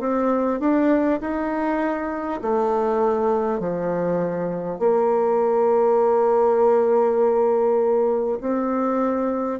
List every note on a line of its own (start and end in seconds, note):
0.00 0.60 C4
0.60 1.20 D4
1.21 2.41 D#4
2.42 3.59 A3
3.59 4.79 F3
4.79 8.39 A#3
8.41 9.60 C4